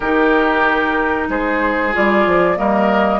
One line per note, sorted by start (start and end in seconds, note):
0.00 1.28 D#3
0.00 1.93 D#4
0.00 1.27 G4
0.00 1.28 A#4
1.28 1.93 G#3
1.28 2.58 G#4
1.28 1.94 C5
1.93 2.26 G3
1.93 2.56 F4
1.93 2.58 D5
2.26 2.58 F3
2.56 3.19 G3
2.56 3.19 A#3
2.56 3.19 A#4
2.56 3.19 D#5